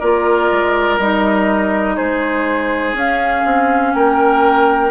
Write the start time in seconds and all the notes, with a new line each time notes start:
0.00 A#3 F4 A#4 D5
0.52 G#3
0.99 G3 D#4 D#5
1.96 G#3 G#4 C5
2.94 C#4 F5
3.45 C4
3.94 A#3 A#4 G5